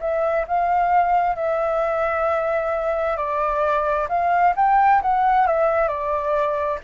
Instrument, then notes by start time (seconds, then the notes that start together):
flute
0.00 E5
0.48 F5
1.36 E5
3.17 D5
4.09 F5
4.56 G5
5.02 F#5
5.47 E5
5.88 D5